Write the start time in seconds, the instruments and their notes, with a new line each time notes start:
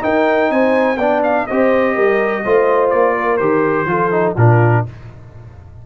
0.00 trombone D#4, tuba D#4, horn A#4, trumpet G5
0.50 tuba C4, horn C5, trumpet G#5
0.97 tuba B3, trombone D4, horn D5, trumpet G5
1.23 trumpet F5
1.46 tuba C4, trombone G4, horn C5, trumpet D#5
1.95 tuba G3, horn A#4
2.44 tuba A3, trombone F4, horn C5
2.90 tuba A#3, trumpet D5
3.16 horn A#4
3.37 tuba D#3, trombone G4, trumpet C5
3.85 tuba F3, trombone F4, horn A4
4.11 trombone D#4
4.36 tuba A#2, trombone D4, horn F4, trumpet A#4